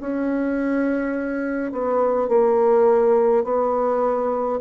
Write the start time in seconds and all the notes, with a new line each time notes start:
0.00 C#4
1.72 B3
2.28 A#3
3.44 B3